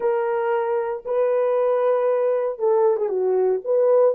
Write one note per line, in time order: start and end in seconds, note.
0.00 1.03 A#4
1.05 2.58 B4
2.58 2.96 A4
2.96 3.08 G#4
3.08 3.60 F#4
3.64 4.14 B4